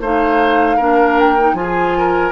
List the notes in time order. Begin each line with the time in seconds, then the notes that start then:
0.00 A3 D#4 C5 F5
0.76 A#3 D4 A#4
1.19 G5
1.39 D#4
1.53 F3 F4 G#5
1.61 G#4
1.97 A#4